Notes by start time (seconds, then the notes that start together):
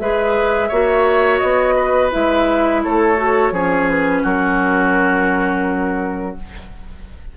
0.00 G#3 G#4 B4 E5
0.69 A#3 F#4 C#5
1.39 B3 D#5
1.76 B4
2.11 G#3 E4 E5
2.84 A3 A4 C#5
3.17 F#4
3.52 F3 C#4 G#4
3.90 B4
4.23 F#3 F#4 A#4